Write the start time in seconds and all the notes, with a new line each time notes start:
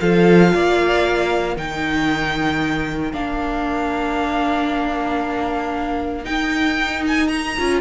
0.00 F3 F4 A4 F5
0.54 A#3 D5
1.56 D#3 D#4 A#4 G5
3.12 A#3 D4 F5
6.24 D#4 G5
7.07 G#5
7.27 A#5
7.58 C#4 F4